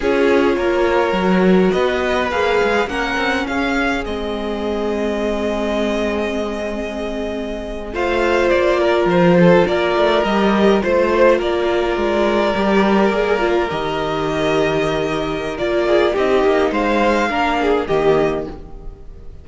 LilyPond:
<<
  \new Staff \with { instrumentName = "violin" } { \time 4/4 \tempo 4 = 104 cis''2. dis''4 | f''4 fis''4 f''4 dis''4~ | dis''1~ | dis''4.~ dis''16 f''4 d''4 c''16~ |
c''8. d''4 dis''4 c''4 d''16~ | d''2.~ d''8. dis''16~ | dis''2. d''4 | dis''4 f''2 dis''4 | }
  \new Staff \with { instrumentName = "violin" } { \time 4/4 gis'4 ais'2 b'4~ | b'4 ais'4 gis'2~ | gis'1~ | gis'4.~ gis'16 c''4. ais'8.~ |
ais'16 a'8 ais'2 c''4 ais'16~ | ais'1~ | ais'2.~ ais'8 gis'8 | g'4 c''4 ais'8 gis'8 g'4 | }
  \new Staff \with { instrumentName = "viola" } { \time 4/4 f'2 fis'2 | gis'4 cis'2 c'4~ | c'1~ | c'4.~ c'16 f'2~ f'16~ |
f'4.~ f'16 g'4 f'4~ f'16~ | f'4.~ f'16 g'4 gis'8 f'8 g'16~ | g'2. f'4 | dis'2 d'4 ais4 | }
  \new Staff \with { instrumentName = "cello" } { \time 4/4 cis'4 ais4 fis4 b4 | ais8 gis8 ais8 c'8 cis'4 gis4~ | gis1~ | gis4.~ gis16 a4 ais4 f16~ |
f8. ais8 a8 g4 a4 ais16~ | ais8. gis4 g4 ais4 dis16~ | dis2. ais4 | c'8 ais8 gis4 ais4 dis4 | }
>>